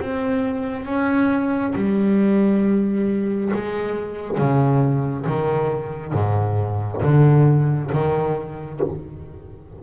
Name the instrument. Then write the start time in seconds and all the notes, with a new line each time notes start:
double bass
0.00 C4
0.85 C#4
1.75 G3
3.53 G#3
4.37 C#3
5.26 D#3
6.13 G#2
7.02 D3
7.92 D#3